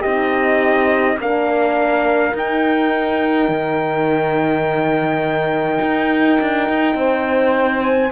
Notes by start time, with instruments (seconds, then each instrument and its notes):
0.00 cello C4, horn D#4 G4, trumpet D#5
1.17 cello A#3, horn D4 A#4, trumpet F5
2.34 cello D#4, horn D#4, trumpet G5
3.48 cello D#3
5.81 cello D#4
6.40 cello D4
6.69 cello D#4
6.95 cello C4, horn C5
7.82 trumpet G#5